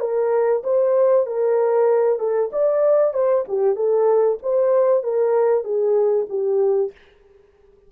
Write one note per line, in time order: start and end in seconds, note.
0.00 0.62 A#4
0.64 1.26 C5
1.27 2.19 A#4
2.19 2.51 A4
2.53 3.14 D5
3.14 3.45 C5
3.48 3.76 G4
3.76 4.38 A4
4.43 5.03 C5
5.03 5.64 A#4
5.64 6.27 G#4
6.29 6.92 G4